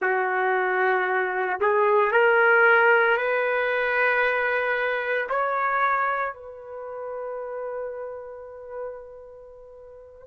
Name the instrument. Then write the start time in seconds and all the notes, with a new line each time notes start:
trumpet
0.01 F#4
1.60 G#4
2.11 A#4
3.17 B4
5.29 C#5
6.33 B4